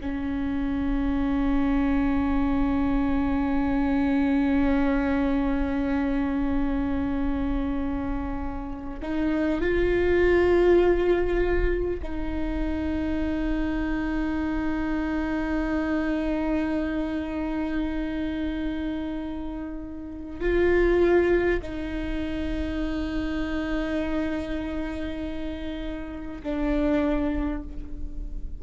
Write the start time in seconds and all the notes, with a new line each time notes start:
0.00 C#4
9.02 D#4
9.60 F4
12.02 D#4
20.40 F4
21.62 D#4
26.43 D4